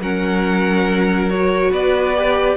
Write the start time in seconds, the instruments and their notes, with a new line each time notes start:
0.00 cello F#3, viola C#4, violin A#4 F#5
1.30 viola F#4, violin C#5
1.71 cello B3, violin B4 D5
2.16 viola G4